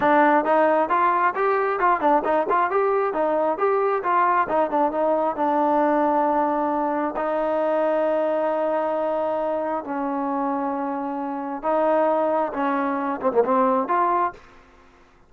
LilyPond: \new Staff \with { instrumentName = "trombone" } { \time 4/4 \tempo 4 = 134 d'4 dis'4 f'4 g'4 | f'8 d'8 dis'8 f'8 g'4 dis'4 | g'4 f'4 dis'8 d'8 dis'4 | d'1 |
dis'1~ | dis'2 cis'2~ | cis'2 dis'2 | cis'4. c'16 ais16 c'4 f'4 | }